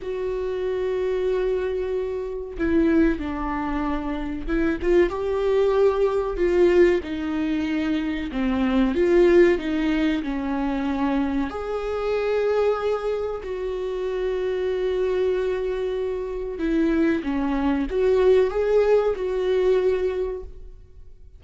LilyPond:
\new Staff \with { instrumentName = "viola" } { \time 4/4 \tempo 4 = 94 fis'1 | e'4 d'2 e'8 f'8 | g'2 f'4 dis'4~ | dis'4 c'4 f'4 dis'4 |
cis'2 gis'2~ | gis'4 fis'2.~ | fis'2 e'4 cis'4 | fis'4 gis'4 fis'2 | }